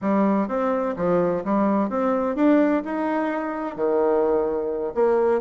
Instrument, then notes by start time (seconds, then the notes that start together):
bassoon
0.01 G3
0.47 C4
0.96 F3
1.44 G3
1.89 C4
2.35 D4
2.85 D#4
3.75 D#3
4.94 A#3